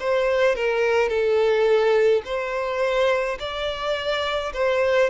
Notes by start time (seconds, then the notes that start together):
0.00 C5
0.56 A#4
1.09 A4
2.25 C5
3.40 D5
4.53 C5